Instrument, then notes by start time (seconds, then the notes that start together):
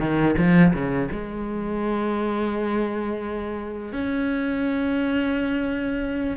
cello
0.00 D#3
0.38 F3
0.74 C#3
1.11 G#3
3.93 C#4